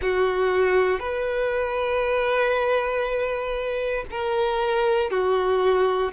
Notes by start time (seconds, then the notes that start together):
0.01 F#4
0.99 B4
4.10 A#4
5.10 F#4